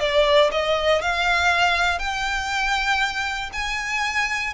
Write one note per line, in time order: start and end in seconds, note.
0.00 0.50 D5
0.52 1.02 D#5
1.02 1.99 F5
1.99 3.50 G5
3.53 4.54 G#5